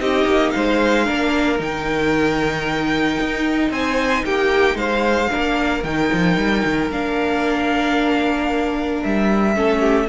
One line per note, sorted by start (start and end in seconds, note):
0.00 0.25 C4
0.00 1.06 D#4
0.00 0.54 G4
0.00 0.51 D#5
0.25 0.52 A#3
0.51 1.09 G#3
0.51 1.04 C5
0.51 1.57 F5
1.04 1.59 A#3
1.04 1.58 D4
1.04 3.70 A#4
1.58 3.18 D#3
1.58 5.29 D#4
1.58 3.72 G5
3.20 3.70 D#4
3.70 4.23 C4
3.70 4.25 C5
3.70 4.25 G#5
4.25 4.75 A#3
4.25 4.77 G4
4.25 4.77 G5
4.75 5.28 G#3
4.75 5.30 C5
4.75 5.83 F5
5.30 5.84 A#3
5.30 5.83 D4
5.30 9.56 A#4
5.84 6.10 D#3
5.84 6.91 D#4
5.84 6.90 G5
6.13 6.37 F3
6.37 6.64 G3
6.65 6.90 D#3
6.90 9.02 A#3
6.90 9.55 D4
6.90 9.03 F5
9.03 9.57 G3
9.03 10.09 E5
9.55 10.09 A3
9.55 10.08 C#4
9.55 9.81 A4
9.81 10.07 G4